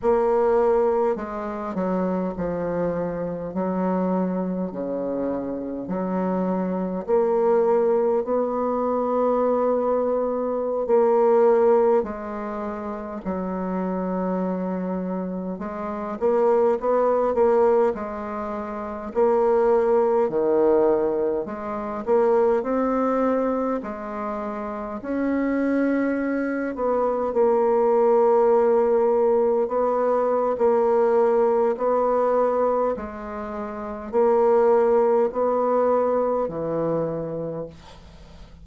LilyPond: \new Staff \with { instrumentName = "bassoon" } { \time 4/4 \tempo 4 = 51 ais4 gis8 fis8 f4 fis4 | cis4 fis4 ais4 b4~ | b4~ b16 ais4 gis4 fis8.~ | fis4~ fis16 gis8 ais8 b8 ais8 gis8.~ |
gis16 ais4 dis4 gis8 ais8 c'8.~ | c'16 gis4 cis'4. b8 ais8.~ | ais4~ ais16 b8. ais4 b4 | gis4 ais4 b4 e4 | }